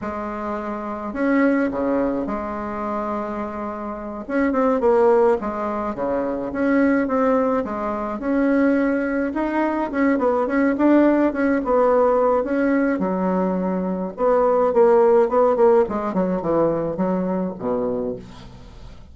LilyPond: \new Staff \with { instrumentName = "bassoon" } { \time 4/4 \tempo 4 = 106 gis2 cis'4 cis4 | gis2.~ gis8 cis'8 | c'8 ais4 gis4 cis4 cis'8~ | cis'8 c'4 gis4 cis'4.~ |
cis'8 dis'4 cis'8 b8 cis'8 d'4 | cis'8 b4. cis'4 fis4~ | fis4 b4 ais4 b8 ais8 | gis8 fis8 e4 fis4 b,4 | }